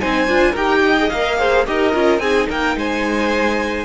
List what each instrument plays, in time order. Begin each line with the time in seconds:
0.00 cello C4, viola D#4, violin C5 G#5
0.27 cello D4, viola F4
0.52 cello D#4, viola G4, violin A#4 G5
0.85 violin D#5
0.98 viola G#4
1.09 cello A#3, viola A#4, violin F5
1.38 viola G#4, violin C5
1.66 cello D#4, viola G4, violin A#4 D#5
1.93 cello C#4, viola F4
2.19 cello C4, viola D#4, violin G#4 G#5
2.49 cello A#3, violin A#4 G5
2.76 cello G#3, violin C5 G#5